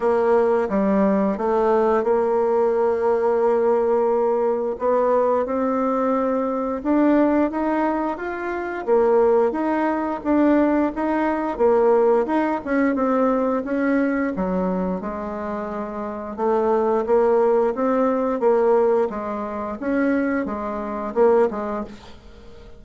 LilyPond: \new Staff \with { instrumentName = "bassoon" } { \time 4/4 \tempo 4 = 88 ais4 g4 a4 ais4~ | ais2. b4 | c'2 d'4 dis'4 | f'4 ais4 dis'4 d'4 |
dis'4 ais4 dis'8 cis'8 c'4 | cis'4 fis4 gis2 | a4 ais4 c'4 ais4 | gis4 cis'4 gis4 ais8 gis8 | }